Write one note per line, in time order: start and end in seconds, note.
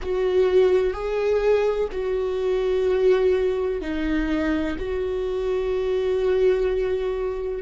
0.02 0.93 F#4
0.93 1.88 G#4
1.91 3.81 F#4
3.81 4.76 D#4
4.78 7.62 F#4